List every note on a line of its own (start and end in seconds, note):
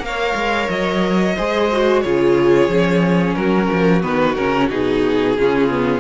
0.00 0.33 A#3
0.00 1.35 A#4
0.00 0.69 F5
0.07 1.37 C#5
0.35 0.68 G#3
0.69 1.36 F#3
0.69 2.02 D#5
1.37 2.05 G#3
1.37 1.72 G#4
1.37 2.03 C5
1.73 2.05 F#4
2.02 2.68 C#3
2.02 2.71 F4
2.02 3.38 G#4
2.02 3.35 C#5
2.68 3.35 F3
2.68 4.02 C#4
3.36 3.70 F#3
3.36 5.38 F#4
3.36 4.02 A#4
3.72 4.04 F3
4.02 4.37 D#3
4.02 4.35 B3
4.02 4.36 B4
4.36 4.71 C#3
4.36 4.70 C#4
4.36 4.69 A#4
4.70 5.38 B2
4.70 5.37 D#4
4.70 6.01 G#4
5.38 6.01 C#3
5.38 5.70 C#4
5.38 6.01 F4
5.70 6.01 B3